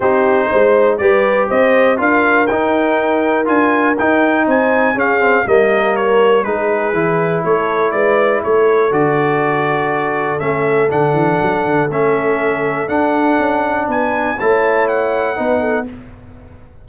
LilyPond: <<
  \new Staff \with { instrumentName = "trumpet" } { \time 4/4 \tempo 4 = 121 c''2 d''4 dis''4 | f''4 g''2 gis''4 | g''4 gis''4 f''4 dis''4 | cis''4 b'2 cis''4 |
d''4 cis''4 d''2~ | d''4 e''4 fis''2 | e''2 fis''2 | gis''4 a''4 fis''2 | }
  \new Staff \with { instrumentName = "horn" } { \time 4/4 g'4 c''4 b'4 c''4 | ais'1~ | ais'4 c''4 gis'4 ais'4~ | ais'4 gis'2 a'4 |
b'4 a'2.~ | a'1~ | a'1 | b'4 cis''2 b'8 a'8 | }
  \new Staff \with { instrumentName = "trombone" } { \time 4/4 dis'2 g'2 | f'4 dis'2 f'4 | dis'2 cis'8 c'8 ais4~ | ais4 dis'4 e'2~ |
e'2 fis'2~ | fis'4 cis'4 d'2 | cis'2 d'2~ | d'4 e'2 dis'4 | }
  \new Staff \with { instrumentName = "tuba" } { \time 4/4 c'4 gis4 g4 c'4 | d'4 dis'2 d'4 | dis'4 c'4 cis'4 g4~ | g4 gis4 e4 a4 |
gis4 a4 d2~ | d4 a4 d8 e8 fis8 d8 | a2 d'4 cis'4 | b4 a2 b4 | }
>>